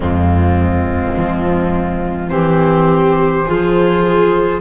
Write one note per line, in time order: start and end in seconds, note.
0.00 1.13 F2
0.00 2.29 G#3
0.00 2.31 C4
0.00 2.29 F4
1.16 2.31 F3
2.29 3.46 E3
2.29 3.44 C4
2.29 3.46 G4
2.29 4.60 C5
3.46 4.60 F3
3.46 4.60 F4
3.46 4.60 G#4